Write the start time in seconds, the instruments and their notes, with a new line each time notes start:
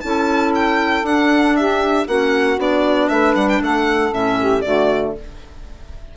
0.00 bassoon C#4, clarinet E4, saxophone A4, violin A5
0.55 violin G5
1.03 bassoon D4, clarinet D4, violin F#5
1.56 saxophone G4, violin E5
2.06 bassoon A#3, clarinet C#4, saxophone F#4, violin F#5
2.57 bassoon B3, clarinet D4, violin D5
3.09 bassoon A3, saxophone B4, violin E5
3.35 bassoon G3, violin F#5
3.48 violin G5
3.61 bassoon A3, saxophone A4, violin F#5
4.11 bassoon A2, clarinet C#4, violin E5
4.39 saxophone G4
4.61 bassoon D3, clarinet A3, saxophone F#4, violin D5